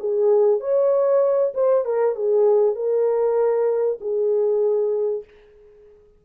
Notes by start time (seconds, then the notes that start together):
0.00 G#4
0.60 C#5
1.54 C5
1.85 A#4
2.16 G#4
2.76 A#4
4.01 G#4